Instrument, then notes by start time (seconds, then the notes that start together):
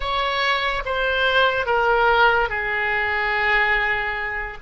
oboe
0.00 C#5
0.85 C5
1.66 A#4
2.49 G#4